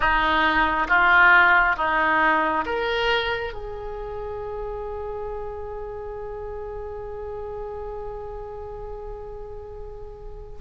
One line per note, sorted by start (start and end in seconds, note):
0.00 0.87 D#4
0.87 1.76 F4
1.76 2.65 D#4
2.65 3.53 A#4
3.53 10.59 G#4